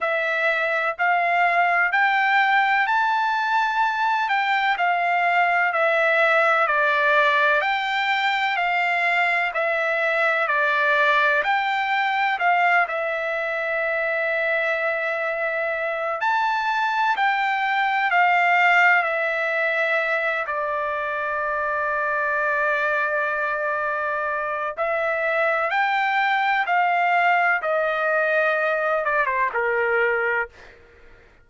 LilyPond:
\new Staff \with { instrumentName = "trumpet" } { \time 4/4 \tempo 4 = 63 e''4 f''4 g''4 a''4~ | a''8 g''8 f''4 e''4 d''4 | g''4 f''4 e''4 d''4 | g''4 f''8 e''2~ e''8~ |
e''4 a''4 g''4 f''4 | e''4. d''2~ d''8~ | d''2 e''4 g''4 | f''4 dis''4. d''16 c''16 ais'4 | }